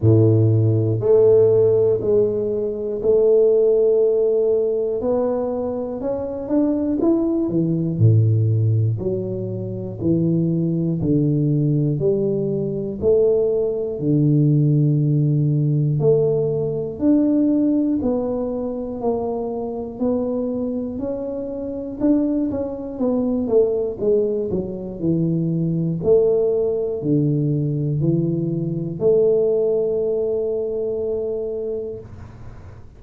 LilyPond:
\new Staff \with { instrumentName = "tuba" } { \time 4/4 \tempo 4 = 60 a,4 a4 gis4 a4~ | a4 b4 cis'8 d'8 e'8 e8 | a,4 fis4 e4 d4 | g4 a4 d2 |
a4 d'4 b4 ais4 | b4 cis'4 d'8 cis'8 b8 a8 | gis8 fis8 e4 a4 d4 | e4 a2. | }